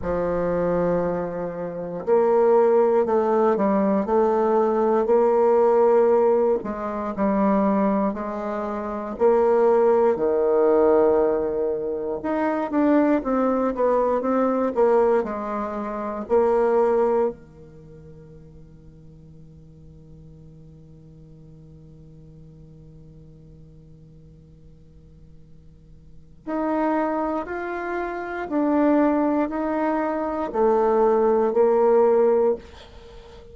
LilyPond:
\new Staff \with { instrumentName = "bassoon" } { \time 4/4 \tempo 4 = 59 f2 ais4 a8 g8 | a4 ais4. gis8 g4 | gis4 ais4 dis2 | dis'8 d'8 c'8 b8 c'8 ais8 gis4 |
ais4 dis2.~ | dis1~ | dis2 dis'4 f'4 | d'4 dis'4 a4 ais4 | }